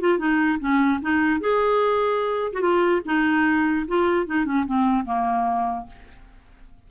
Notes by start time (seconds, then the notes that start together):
0.00 F4
0.18 D#4
0.59 C#4
1.01 D#4
1.40 G#4
2.52 F#4
2.61 F4
3.05 D#4
3.87 F4
4.26 D#4
4.45 C#4
4.65 C4
5.05 A#3